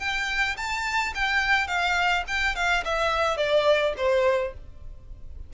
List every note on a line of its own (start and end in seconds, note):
0.00 0.57 G5
0.57 1.14 A5
1.15 1.67 G5
1.67 2.24 F5
2.28 2.56 G5
2.56 2.84 F5
2.85 3.38 E5
3.38 3.94 D5
3.97 4.54 C5